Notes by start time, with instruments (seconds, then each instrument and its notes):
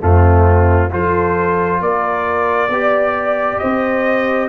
0.00 tuba F2, trombone A3, horn C4, trumpet F4
0.90 tuba F3, trombone F4, horn A4, trumpet C5
1.80 tuba A#3, horn A#4, trumpet D5
2.68 tuba B3, trombone G4, horn D5
3.58 tuba C4, horn C5, trumpet D#5